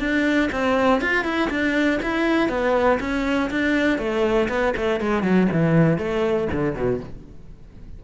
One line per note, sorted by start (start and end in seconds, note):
0.00 0.50 D4
0.52 1.02 C4
1.02 1.25 F4
1.25 1.50 E4
1.50 2.00 D4
2.03 2.49 E4
2.49 2.99 B3
3.00 3.50 C#4
3.51 3.99 D4
3.99 4.49 A3
4.49 4.74 B3
4.77 5.01 A3
5.01 5.23 G#3
5.23 5.48 F#3
5.52 5.98 E3
5.98 6.48 A3
6.52 6.75 D3
6.75 7.00 B2